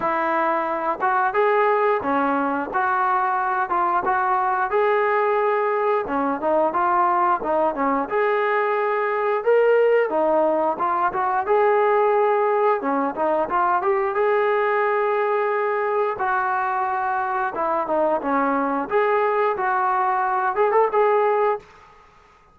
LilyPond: \new Staff \with { instrumentName = "trombone" } { \time 4/4 \tempo 4 = 89 e'4. fis'8 gis'4 cis'4 | fis'4. f'8 fis'4 gis'4~ | gis'4 cis'8 dis'8 f'4 dis'8 cis'8 | gis'2 ais'4 dis'4 |
f'8 fis'8 gis'2 cis'8 dis'8 | f'8 g'8 gis'2. | fis'2 e'8 dis'8 cis'4 | gis'4 fis'4. gis'16 a'16 gis'4 | }